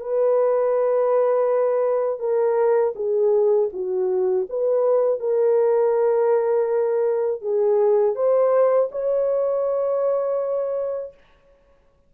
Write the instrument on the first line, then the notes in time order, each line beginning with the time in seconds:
horn
0.00 B4
2.19 A#4
2.95 G#4
3.73 F#4
4.49 B4
5.20 A#4
7.41 G#4
8.15 C5
8.91 C#5